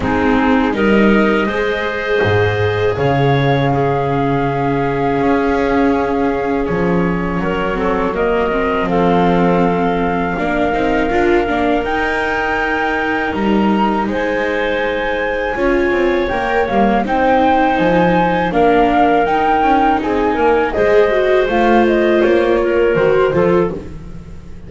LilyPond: <<
  \new Staff \with { instrumentName = "flute" } { \time 4/4 \tempo 4 = 81 gis'4 dis''2. | f''1~ | f''4 cis''2 dis''4 | f''1 |
g''2 ais''4 gis''4~ | gis''2 g''8 f''8 g''4 | gis''4 f''4 g''4 gis''4 | dis''4 f''8 dis''8 cis''4 c''4 | }
  \new Staff \with { instrumentName = "clarinet" } { \time 4/4 dis'4 ais'4 c''2 | cis''4 gis'2.~ | gis'2 ais'8 a'8 ais'4 | a'2 ais'2~ |
ais'2. c''4~ | c''4 cis''2 c''4~ | c''4 ais'2 gis'8 ais'8 | c''2~ c''8 ais'4 a'8 | }
  \new Staff \with { instrumentName = "viola" } { \time 4/4 c'4 dis'4 gis'2~ | gis'4 cis'2.~ | cis'2~ cis'8 c'8 ais8 c'8~ | c'2 d'8 dis'8 f'8 d'8 |
dis'1~ | dis'4 f'4 ais'8 ais8 dis'4~ | dis'4 d'4 dis'2 | gis'8 fis'8 f'2 fis'8 f'8 | }
  \new Staff \with { instrumentName = "double bass" } { \time 4/4 gis4 g4 gis4 gis,4 | cis2. cis'4~ | cis'4 f4 fis2 | f2 ais8 c'8 d'8 ais8 |
dis'2 g4 gis4~ | gis4 cis'8 c'8 ais8 g8 c'4 | f4 ais4 dis'8 cis'8 c'8 ais8 | gis4 a4 ais4 dis8 f8 | }
>>